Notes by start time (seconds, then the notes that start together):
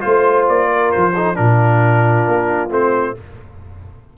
0.00 A3 F4 C5
0.48 A#3 D5
0.68 A#4
0.91 F3 C5
1.13 D#4 A4
1.35 A#2 D4 F4 A#4
2.27 A#3
2.69 A3 C4 C5